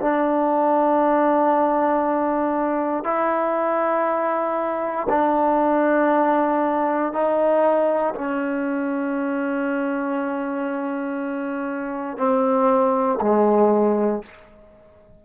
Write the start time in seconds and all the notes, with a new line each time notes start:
0.00 D4
3.04 E4
5.08 D4
7.12 D#4
8.14 C#4
12.17 C4
13.21 G#3